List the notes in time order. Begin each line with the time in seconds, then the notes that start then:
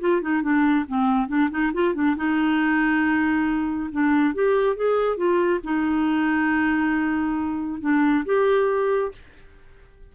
0.00 F4
0.22 D#4
0.42 D4
0.88 C4
1.28 D4
1.51 D#4
1.74 F4
1.94 D4
2.16 D#4
3.92 D4
4.34 G4
4.76 G#4
5.17 F4
5.64 D#4
7.81 D4
8.25 G4